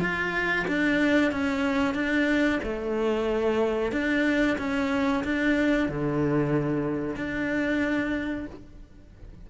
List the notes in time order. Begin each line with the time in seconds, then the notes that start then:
0.00 F4
0.67 D4
1.31 C#4
1.94 D4
2.63 A3
3.92 D4
4.58 C#4
5.24 D4
5.88 D3
7.15 D4